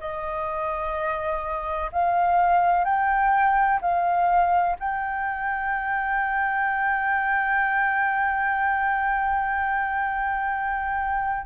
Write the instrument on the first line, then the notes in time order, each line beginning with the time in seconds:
flute
0.00 D#5
1.92 F5
2.84 G5
3.81 F5
4.79 G5